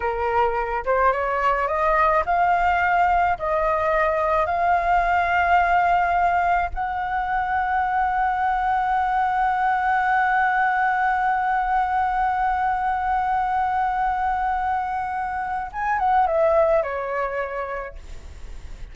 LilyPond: \new Staff \with { instrumentName = "flute" } { \time 4/4 \tempo 4 = 107 ais'4. c''8 cis''4 dis''4 | f''2 dis''2 | f''1 | fis''1~ |
fis''1~ | fis''1~ | fis''1 | gis''8 fis''8 e''4 cis''2 | }